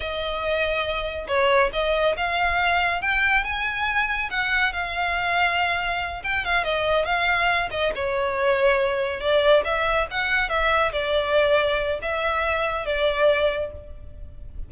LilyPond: \new Staff \with { instrumentName = "violin" } { \time 4/4 \tempo 4 = 140 dis''2. cis''4 | dis''4 f''2 g''4 | gis''2 fis''4 f''4~ | f''2~ f''8 g''8 f''8 dis''8~ |
dis''8 f''4. dis''8 cis''4.~ | cis''4. d''4 e''4 fis''8~ | fis''8 e''4 d''2~ d''8 | e''2 d''2 | }